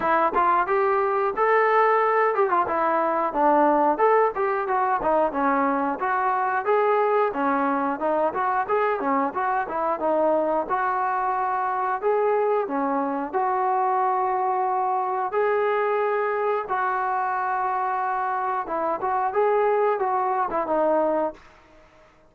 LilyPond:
\new Staff \with { instrumentName = "trombone" } { \time 4/4 \tempo 4 = 90 e'8 f'8 g'4 a'4. g'16 f'16 | e'4 d'4 a'8 g'8 fis'8 dis'8 | cis'4 fis'4 gis'4 cis'4 | dis'8 fis'8 gis'8 cis'8 fis'8 e'8 dis'4 |
fis'2 gis'4 cis'4 | fis'2. gis'4~ | gis'4 fis'2. | e'8 fis'8 gis'4 fis'8. e'16 dis'4 | }